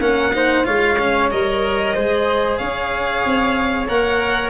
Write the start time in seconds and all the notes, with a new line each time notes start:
0.00 A#3 C#4 A#4 F#5
0.33 D#4 C5
0.65 G#3 F4 C#5 F5
0.99 C#4
1.31 G3 A#4 D#5
1.94 G#3 G#4 C5
2.58 C#4 C#5 F5
3.25 C4
3.88 A#3 A#4 F#5